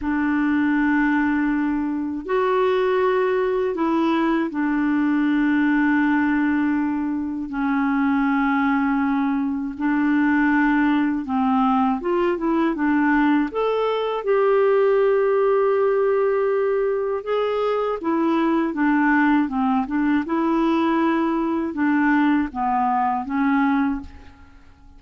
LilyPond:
\new Staff \with { instrumentName = "clarinet" } { \time 4/4 \tempo 4 = 80 d'2. fis'4~ | fis'4 e'4 d'2~ | d'2 cis'2~ | cis'4 d'2 c'4 |
f'8 e'8 d'4 a'4 g'4~ | g'2. gis'4 | e'4 d'4 c'8 d'8 e'4~ | e'4 d'4 b4 cis'4 | }